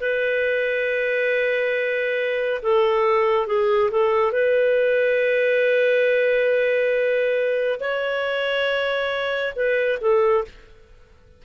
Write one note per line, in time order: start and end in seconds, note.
0.00 2.61 B4
2.62 3.47 A4
3.47 3.90 G#4
3.91 4.32 A4
4.32 7.79 B4
7.80 9.54 C#5
9.55 9.99 B4
10.01 10.44 A4